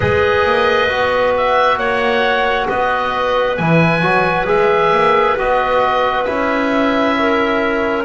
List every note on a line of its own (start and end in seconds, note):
0.00 0.45 G#3
0.00 0.88 G#4
0.00 1.77 B4
0.00 1.34 D#5
0.45 0.89 A#3
0.88 1.77 B3
0.88 3.57 F#4
1.37 1.78 E5
1.77 2.66 A#3
1.77 2.68 C#5
1.77 2.68 F#5
2.68 3.58 B3
2.68 7.16 B4
2.68 3.56 D#5
3.56 4.03 E3
3.56 4.01 E4
3.56 4.46 G#5
4.01 4.47 F#3
4.01 4.45 F#4
4.45 4.92 G#3
4.45 5.35 G#4
4.45 5.37 E5
4.92 5.36 A#3
5.37 6.26 B3
5.37 6.25 F#4
5.37 6.24 D#5
6.24 8.05 C#4
6.24 8.04 E4
6.24 8.03 E5
7.18 8.05 A#4